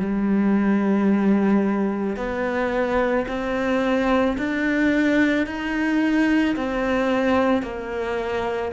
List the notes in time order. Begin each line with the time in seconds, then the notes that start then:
0.00 G3
2.17 B3
3.28 C4
4.38 D4
5.47 D#4
6.57 C4
7.63 A#3